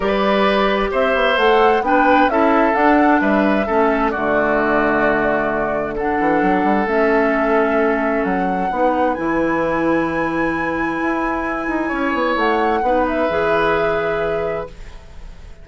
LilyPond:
<<
  \new Staff \with { instrumentName = "flute" } { \time 4/4 \tempo 4 = 131 d''2 e''4 fis''4 | g''4 e''4 fis''4 e''4~ | e''4 d''2.~ | d''4 fis''2 e''4~ |
e''2 fis''2 | gis''1~ | gis''2. fis''4~ | fis''8 e''2.~ e''8 | }
  \new Staff \with { instrumentName = "oboe" } { \time 4/4 b'2 c''2 | b'4 a'2 b'4 | a'4 fis'2.~ | fis'4 a'2.~ |
a'2. b'4~ | b'1~ | b'2 cis''2 | b'1 | }
  \new Staff \with { instrumentName = "clarinet" } { \time 4/4 g'2. a'4 | d'4 e'4 d'2 | cis'4 a2.~ | a4 d'2 cis'4~ |
cis'2. dis'4 | e'1~ | e'1 | dis'4 gis'2. | }
  \new Staff \with { instrumentName = "bassoon" } { \time 4/4 g2 c'8 b8 a4 | b4 cis'4 d'4 g4 | a4 d2.~ | d4. e8 fis8 g8 a4~ |
a2 fis4 b4 | e1 | e'4. dis'8 cis'8 b8 a4 | b4 e2. | }
>>